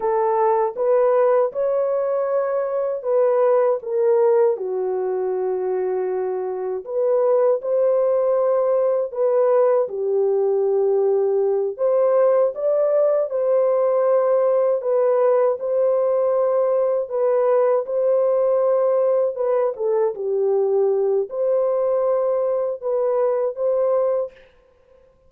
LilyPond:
\new Staff \with { instrumentName = "horn" } { \time 4/4 \tempo 4 = 79 a'4 b'4 cis''2 | b'4 ais'4 fis'2~ | fis'4 b'4 c''2 | b'4 g'2~ g'8 c''8~ |
c''8 d''4 c''2 b'8~ | b'8 c''2 b'4 c''8~ | c''4. b'8 a'8 g'4. | c''2 b'4 c''4 | }